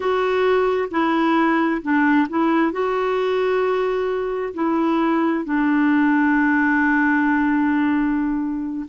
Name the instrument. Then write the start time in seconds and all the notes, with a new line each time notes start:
clarinet
0.00 F#4
0.90 E4
1.81 D4
2.29 E4
2.71 F#4
4.53 E4
5.45 D4